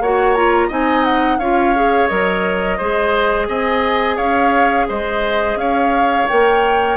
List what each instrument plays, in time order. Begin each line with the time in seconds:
0.00 bassoon A#3, clarinet F#4, oboe C#5, flute F#5
0.35 clarinet F4, flute A#5
0.68 bassoon C4, clarinet D#4, oboe D#5, flute G#5
1.04 flute F#5
1.39 bassoon C#4, clarinet F4, oboe C#5, flute F5
1.75 clarinet G#4
2.08 bassoon F#3, clarinet A#4, flute D#5
2.77 bassoon G#3, clarinet G#4, oboe C5
3.48 bassoon C4, oboe D#5, flute G#5
4.16 bassoon C#4, oboe C#5, flute F5
4.89 bassoon G#3, oboe C5, flute D#5
5.56 bassoon C#4, oboe C#5, flute F5
6.28 bassoon A#3, clarinet A#4, flute G5